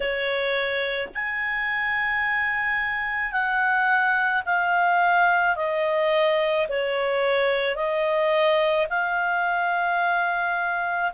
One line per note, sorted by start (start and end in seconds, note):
0.00 1.08 C#5
1.14 3.31 G#5
3.31 4.42 F#5
4.45 5.56 F5
5.56 6.67 D#5
6.68 7.75 C#5
7.75 8.86 D#5
8.89 11.11 F5